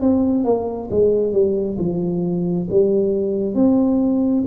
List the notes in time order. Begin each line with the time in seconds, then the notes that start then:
0.00 C4
0.44 A#3
0.90 G#3
1.32 G3
1.78 F3
2.70 G3
3.54 C4